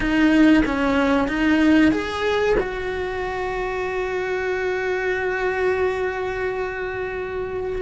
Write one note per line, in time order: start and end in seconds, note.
0.00 0.63 D#4
0.65 1.28 C#4
1.28 1.91 D#4
1.91 2.55 G#4
2.59 7.82 F#4